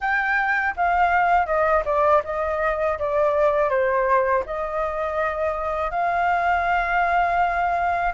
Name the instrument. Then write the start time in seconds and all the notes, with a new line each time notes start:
flute
0.00 G5
0.76 F5
1.46 D#5
1.85 D5
2.24 D#5
2.98 D5
3.69 C5
4.45 D#5
5.91 F5